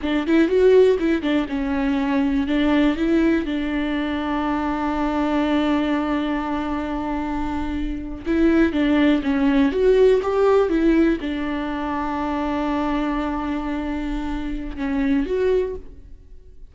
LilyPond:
\new Staff \with { instrumentName = "viola" } { \time 4/4 \tempo 4 = 122 d'8 e'8 fis'4 e'8 d'8 cis'4~ | cis'4 d'4 e'4 d'4~ | d'1~ | d'1~ |
d'8. e'4 d'4 cis'4 fis'16~ | fis'8. g'4 e'4 d'4~ d'16~ | d'1~ | d'2 cis'4 fis'4 | }